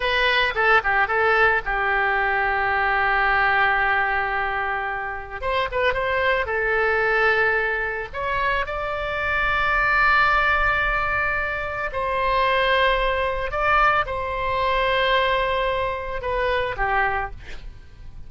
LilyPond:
\new Staff \with { instrumentName = "oboe" } { \time 4/4 \tempo 4 = 111 b'4 a'8 g'8 a'4 g'4~ | g'1~ | g'2 c''8 b'8 c''4 | a'2. cis''4 |
d''1~ | d''2 c''2~ | c''4 d''4 c''2~ | c''2 b'4 g'4 | }